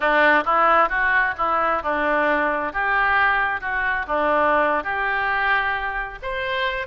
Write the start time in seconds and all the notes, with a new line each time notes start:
0.00 D4
0.44 E4
0.89 F#4
1.37 E4
1.82 D4
2.72 G4
3.60 F#4
4.07 D4
4.83 G4
6.22 C5